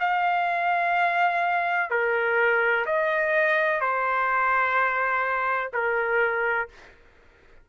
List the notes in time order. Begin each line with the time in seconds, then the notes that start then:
0.00 F5
1.90 A#4
2.86 D#5
3.81 C5
5.73 A#4